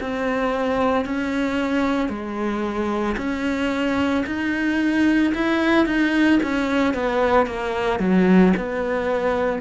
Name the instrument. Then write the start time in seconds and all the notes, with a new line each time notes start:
cello
0.00 C4
1.05 C#4
2.08 G#3
3.17 C#4
4.26 D#4
5.34 E4
5.86 D#4
6.42 C#4
6.94 B3
7.46 A#3
7.99 F#3
8.57 B3